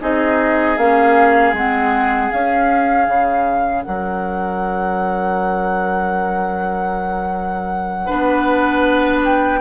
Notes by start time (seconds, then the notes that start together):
0.00 C4 D#4 G#4 D#5
0.77 A#3 C#4 F5
1.53 G#3 C4 F#5
2.31 C#4 F5
3.07 C#3
3.82 F#3 A#4 F#5
8.06 B3 D4 B4
9.24 G5